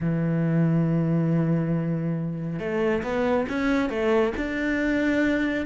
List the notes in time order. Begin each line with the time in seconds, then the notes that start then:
0.00 E3
2.59 A3
3.03 B3
3.49 C#4
3.89 A3
4.37 D4